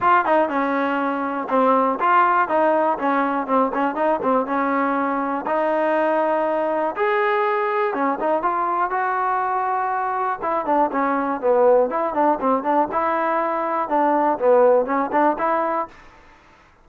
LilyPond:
\new Staff \with { instrumentName = "trombone" } { \time 4/4 \tempo 4 = 121 f'8 dis'8 cis'2 c'4 | f'4 dis'4 cis'4 c'8 cis'8 | dis'8 c'8 cis'2 dis'4~ | dis'2 gis'2 |
cis'8 dis'8 f'4 fis'2~ | fis'4 e'8 d'8 cis'4 b4 | e'8 d'8 c'8 d'8 e'2 | d'4 b4 cis'8 d'8 e'4 | }